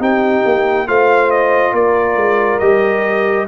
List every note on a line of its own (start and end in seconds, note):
0.00 0.43 C4
0.00 0.87 D#4
0.00 0.87 G4
0.00 0.88 G5
0.45 0.88 A#3
0.87 1.73 A3
0.87 2.61 F4
0.87 1.74 C5
0.87 1.31 F5
1.31 1.74 D#5
1.73 2.16 A#3
1.73 3.47 A#4
1.73 2.59 D5
2.16 2.60 G#3
2.59 3.48 G3
2.59 3.48 G4
2.59 3.46 D#5